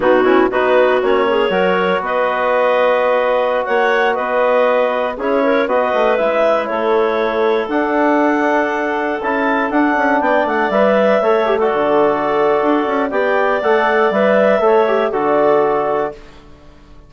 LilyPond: <<
  \new Staff \with { instrumentName = "clarinet" } { \time 4/4 \tempo 4 = 119 fis'4 b'4 cis''2 | dis''2.~ dis''16 fis''8.~ | fis''16 dis''2 cis''4 dis''8.~ | dis''16 e''4 cis''2 fis''8.~ |
fis''2~ fis''16 a''4 fis''8.~ | fis''16 g''8 fis''8 e''4.~ e''16 d''4~ | d''2 g''4 fis''4 | e''2 d''2 | }
  \new Staff \with { instrumentName = "clarinet" } { \time 4/4 dis'8 e'8 fis'4. gis'8 ais'4 | b'2.~ b'16 cis''8.~ | cis''16 b'2 gis'8 ais'8 b'8.~ | b'4~ b'16 a'2~ a'8.~ |
a'1~ | a'16 d''2 cis''8. a'4~ | a'2 d''2~ | d''4 cis''4 a'2 | }
  \new Staff \with { instrumentName = "trombone" } { \time 4/4 b8 cis'8 dis'4 cis'4 fis'4~ | fis'1~ | fis'2~ fis'16 e'4 fis'8.~ | fis'16 e'2. d'8.~ |
d'2~ d'16 e'4 d'8.~ | d'4~ d'16 b'4 a'8 g'16 fis'4~ | fis'2 g'4 a'4 | b'4 a'8 g'8 fis'2 | }
  \new Staff \with { instrumentName = "bassoon" } { \time 4/4 b,4 b4 ais4 fis4 | b2.~ b16 ais8.~ | ais16 b2 cis'4 b8 a16~ | a16 gis4 a2 d'8.~ |
d'2~ d'16 cis'4 d'8 cis'16~ | cis'16 b8 a8 g4 a4 d8.~ | d4 d'8 cis'8 b4 a4 | g4 a4 d2 | }
>>